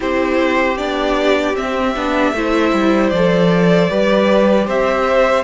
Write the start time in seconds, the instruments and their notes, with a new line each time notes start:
0.00 cello C4, viola E4, violin G4 C5
0.77 cello B3, viola D4, violin D5
1.54 viola C4, cello C4, violin E5
1.95 cello B3, viola D4
2.32 cello A3, viola E4, violin C5
2.73 cello G3
3.09 cello F3, violin D5
3.15 viola A4
3.88 cello G3, viola G4, violin B4
4.67 cello C4, violin C5 E5